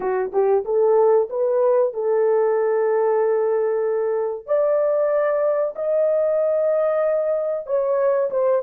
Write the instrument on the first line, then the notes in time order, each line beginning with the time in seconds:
horn
0.00 F#4
0.32 G4
0.64 A4
1.29 B4
1.93 A4
4.46 D5
5.75 D#5
7.66 C#5
8.30 C5